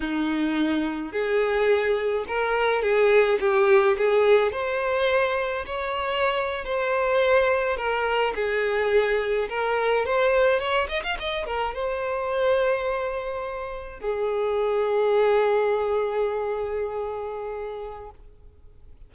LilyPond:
\new Staff \with { instrumentName = "violin" } { \time 4/4 \tempo 4 = 106 dis'2 gis'2 | ais'4 gis'4 g'4 gis'4 | c''2 cis''4.~ cis''16 c''16~ | c''4.~ c''16 ais'4 gis'4~ gis'16~ |
gis'8. ais'4 c''4 cis''8 dis''16 f''16 dis''16~ | dis''16 ais'8 c''2.~ c''16~ | c''8. gis'2.~ gis'16~ | gis'1 | }